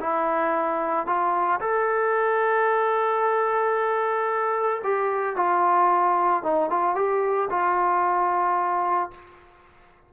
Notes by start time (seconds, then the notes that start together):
0.00 E4
1.06 F4
1.60 A4
4.84 G4
5.36 F4
6.43 D#4
6.70 F4
6.95 G4
7.50 F4